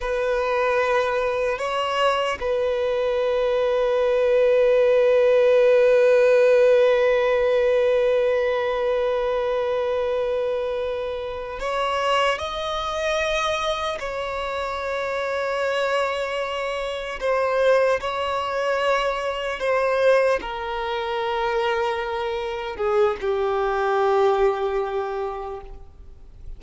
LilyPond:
\new Staff \with { instrumentName = "violin" } { \time 4/4 \tempo 4 = 75 b'2 cis''4 b'4~ | b'1~ | b'1~ | b'2~ b'8 cis''4 dis''8~ |
dis''4. cis''2~ cis''8~ | cis''4. c''4 cis''4.~ | cis''8 c''4 ais'2~ ais'8~ | ais'8 gis'8 g'2. | }